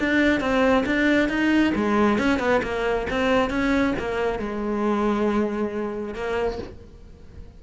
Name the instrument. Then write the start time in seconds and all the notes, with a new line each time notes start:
cello
0.00 D4
0.41 C4
0.86 D4
1.29 D#4
1.76 G#3
2.19 C#4
2.40 B3
2.63 A#3
3.11 C4
3.50 C#4
3.99 A#3
4.40 G#3
6.15 A#3